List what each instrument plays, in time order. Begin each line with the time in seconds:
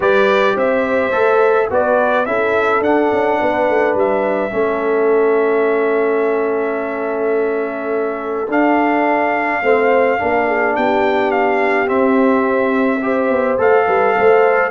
0.00 tuba G3, trombone G4, horn B4, trumpet D5
0.55 tuba C4, horn C5, trumpet E5
1.12 tuba A3, trombone A4
1.69 tuba B3, trombone F#4, horn B4, trumpet D5
2.25 tuba C#4, trombone E4, horn A4, trumpet E5
2.80 tuba D4, trombone D4, trumpet F#5
3.11 tuba C#4
3.40 tuba B3, horn B4
3.69 tuba A3
3.95 tuba G3, trumpet E5
4.50 tuba A3, trombone C#4, horn A4
8.48 tuba D4, trombone D4, trumpet F5
9.62 tuba A3, trombone C4, horn C5
10.18 tuba A#3, trombone D4, horn A#4
10.47 horn G#4
10.76 tuba B3, horn G4, trumpet G5
11.31 trumpet F5
11.86 trombone C4, tuba C4, trumpet E5
13.02 trombone G4, horn C5
13.29 tuba B3
13.57 tuba A3, trombone A4, trumpet F5
13.86 tuba G3, horn B4
14.17 tuba A3, horn C5